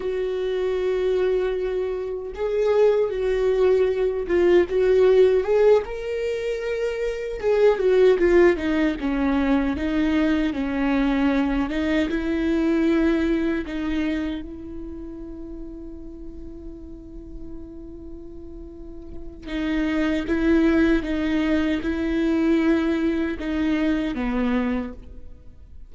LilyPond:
\new Staff \with { instrumentName = "viola" } { \time 4/4 \tempo 4 = 77 fis'2. gis'4 | fis'4. f'8 fis'4 gis'8 ais'8~ | ais'4. gis'8 fis'8 f'8 dis'8 cis'8~ | cis'8 dis'4 cis'4. dis'8 e'8~ |
e'4. dis'4 e'4.~ | e'1~ | e'4 dis'4 e'4 dis'4 | e'2 dis'4 b4 | }